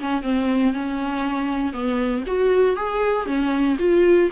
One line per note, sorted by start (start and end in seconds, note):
0.00 0.23 C#4
0.23 0.73 C4
0.73 1.73 C#4
1.73 2.24 B3
2.27 2.76 F#4
2.76 3.26 G#4
3.26 3.77 C#4
3.79 4.30 F4